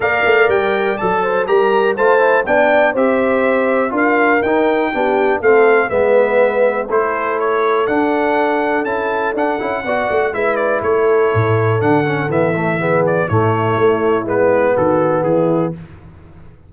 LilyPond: <<
  \new Staff \with { instrumentName = "trumpet" } { \time 4/4 \tempo 4 = 122 f''4 g''4 a''4 ais''4 | a''4 g''4 e''2 | f''4 g''2 f''4 | e''2 c''4 cis''4 |
fis''2 a''4 fis''4~ | fis''4 e''8 d''8 cis''2 | fis''4 e''4. d''8 cis''4~ | cis''4 b'4 a'4 gis'4 | }
  \new Staff \with { instrumentName = "horn" } { \time 4/4 d''2~ d''8 c''8 ais'4 | c''4 d''4 c''2 | ais'2 g'4 a'4 | b'2 a'2~ |
a'1 | d''4 b'4 a'2~ | a'2 gis'4 e'4~ | e'2 fis'4 e'4 | }
  \new Staff \with { instrumentName = "trombone" } { \time 4/4 ais'2 a'4 g'4 | f'8 e'8 d'4 g'2 | f'4 dis'4 d'4 c'4 | b2 e'2 |
d'2 e'4 d'8 e'8 | fis'4 e'2. | d'8 cis'8 b8 a8 b4 a4~ | a4 b2. | }
  \new Staff \with { instrumentName = "tuba" } { \time 4/4 ais8 a8 g4 fis4 g4 | a4 b4 c'2 | d'4 dis'4 b4 a4 | gis2 a2 |
d'2 cis'4 d'8 cis'8 | b8 a8 gis4 a4 a,4 | d4 e2 a,4 | a4 gis4 dis4 e4 | }
>>